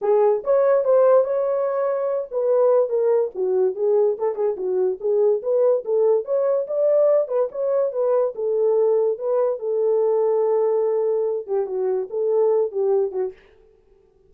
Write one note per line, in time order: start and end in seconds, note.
0.01 0.43 G#4
0.43 0.84 C#5
0.84 1.24 C5
1.24 2.28 C#5
2.31 2.89 B4
2.89 3.30 A#4
3.34 3.75 F#4
3.75 4.17 G#4
4.18 4.35 A4
4.35 4.55 G#4
4.56 4.98 F#4
5.00 5.41 G#4
5.42 5.84 B4
5.84 6.25 A4
6.25 6.66 C#5
6.67 7.28 D5
7.28 7.48 B4
7.51 7.92 C#5
7.92 8.34 B4
8.35 9.18 A4
9.18 9.59 B4
9.59 11.46 A4
11.46 11.66 G4
11.66 12.08 F#4
12.09 12.71 A4
12.71 13.11 G4
13.11 13.32 F#4